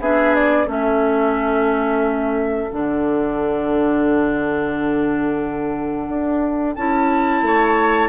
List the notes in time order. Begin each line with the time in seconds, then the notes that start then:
0.00 B3 D4 G#4 E5
0.35 D5
0.67 A3 C#4 A4 E5
2.71 D3 D4 F#5
6.08 D4
6.76 C#4 E4 A5
7.42 A3 C#5